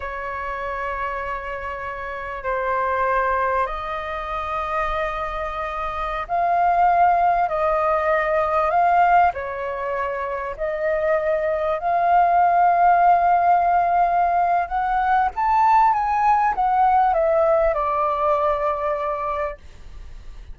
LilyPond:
\new Staff \with { instrumentName = "flute" } { \time 4/4 \tempo 4 = 98 cis''1 | c''2 dis''2~ | dis''2~ dis''16 f''4.~ f''16~ | f''16 dis''2 f''4 cis''8.~ |
cis''4~ cis''16 dis''2 f''8.~ | f''1 | fis''4 a''4 gis''4 fis''4 | e''4 d''2. | }